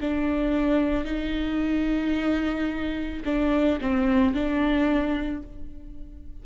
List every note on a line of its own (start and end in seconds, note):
0.00 1.04 D4
1.04 3.22 D#4
3.25 3.79 D4
3.80 4.33 C4
4.33 5.42 D4